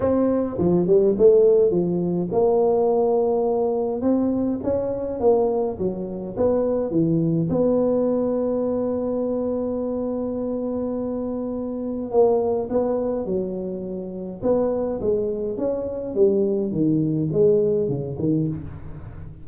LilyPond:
\new Staff \with { instrumentName = "tuba" } { \time 4/4 \tempo 4 = 104 c'4 f8 g8 a4 f4 | ais2. c'4 | cis'4 ais4 fis4 b4 | e4 b2.~ |
b1~ | b4 ais4 b4 fis4~ | fis4 b4 gis4 cis'4 | g4 dis4 gis4 cis8 dis8 | }